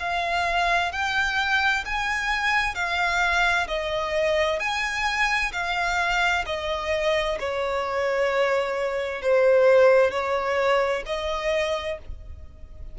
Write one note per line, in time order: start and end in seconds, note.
0.00 0.92 F5
0.92 1.85 G5
1.85 2.75 G#5
2.75 3.67 F5
3.68 4.60 D#5
4.60 5.52 G#5
5.53 6.45 F5
6.46 7.38 D#5
7.40 9.22 C#5
9.22 10.11 C5
10.11 11.03 C#5
11.06 11.98 D#5